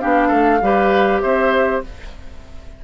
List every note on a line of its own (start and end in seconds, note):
0.00 0.31 B3
0.00 0.61 D4
0.00 0.28 G4
0.00 1.21 F5
0.28 0.61 A3
0.28 0.58 A4
0.61 1.22 G3
0.61 1.83 G4
0.61 1.22 B4
1.21 1.84 C4
1.21 1.83 C5
1.21 1.81 E5